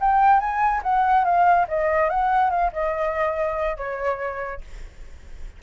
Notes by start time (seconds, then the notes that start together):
0.00 G5
0.39 G#5
0.83 F#5
1.25 F5
1.68 D#5
2.09 F#5
2.50 F5
2.72 D#5
3.77 C#5